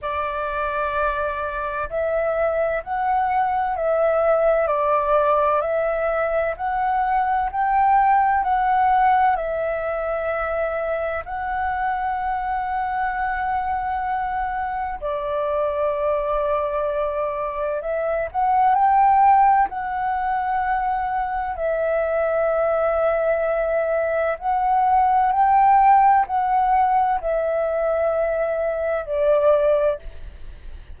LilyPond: \new Staff \with { instrumentName = "flute" } { \time 4/4 \tempo 4 = 64 d''2 e''4 fis''4 | e''4 d''4 e''4 fis''4 | g''4 fis''4 e''2 | fis''1 |
d''2. e''8 fis''8 | g''4 fis''2 e''4~ | e''2 fis''4 g''4 | fis''4 e''2 d''4 | }